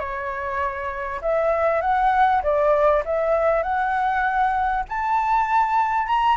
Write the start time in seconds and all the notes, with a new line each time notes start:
0.00 C#5
1.22 E5
1.82 F#5
2.43 D5
3.06 E5
3.63 F#5
4.89 A5
6.07 A#5